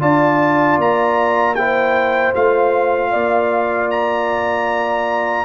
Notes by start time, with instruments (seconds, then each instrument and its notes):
0.00 tuba D4, trombone F4, horn D5, trumpet A5
0.78 tuba A#3, trumpet A#5
1.56 trombone E4, horn C5, trumpet G5
2.35 tuba A3, trombone F4, trumpet F5
3.11 tuba A#3, horn D5
3.91 trumpet A#5